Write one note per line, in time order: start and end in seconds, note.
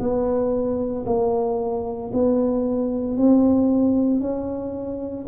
0.00 1.05 B3
1.06 2.11 A#3
2.14 3.18 B3
3.18 4.21 C4
4.21 5.26 C#4